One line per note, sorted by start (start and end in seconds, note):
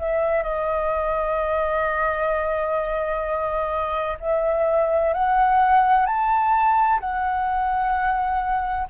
0.00 0.43 E5
0.43 4.18 D#5
4.21 5.14 E5
5.14 6.06 F#5
6.06 7.00 A5
7.01 8.88 F#5